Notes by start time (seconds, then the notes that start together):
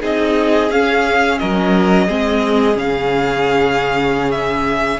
0.00 C4 D#4 G#4 D#5
0.70 C#4 F5
1.38 F#3 A#4 D#5
2.06 G#3 C4 G#4
2.74 C#3 C#4 F5
4.30 E5